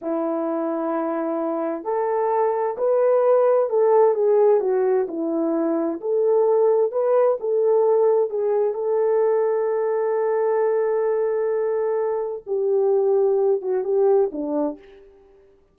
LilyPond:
\new Staff \with { instrumentName = "horn" } { \time 4/4 \tempo 4 = 130 e'1 | a'2 b'2 | a'4 gis'4 fis'4 e'4~ | e'4 a'2 b'4 |
a'2 gis'4 a'4~ | a'1~ | a'2. g'4~ | g'4. fis'8 g'4 d'4 | }